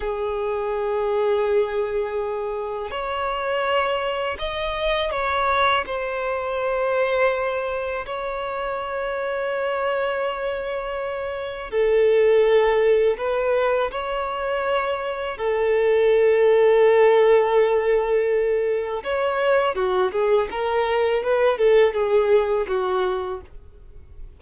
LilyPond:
\new Staff \with { instrumentName = "violin" } { \time 4/4 \tempo 4 = 82 gis'1 | cis''2 dis''4 cis''4 | c''2. cis''4~ | cis''1 |
a'2 b'4 cis''4~ | cis''4 a'2.~ | a'2 cis''4 fis'8 gis'8 | ais'4 b'8 a'8 gis'4 fis'4 | }